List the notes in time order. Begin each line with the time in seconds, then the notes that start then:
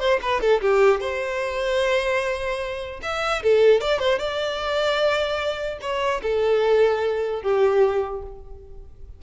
0.00 C5
0.23 B4
0.41 A4
0.62 G4
1.01 C5
3.03 E5
3.43 A4
3.81 D5
4.00 C5
4.19 D5
5.82 C#5
6.23 A4
7.43 G4